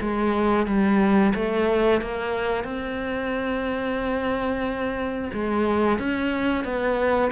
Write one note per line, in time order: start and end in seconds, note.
0.00 0.66 G#3
0.66 1.33 G3
1.35 2.01 A3
2.01 2.64 A#3
2.64 5.30 C4
5.33 5.98 G#3
5.98 6.64 C#4
6.64 7.31 B3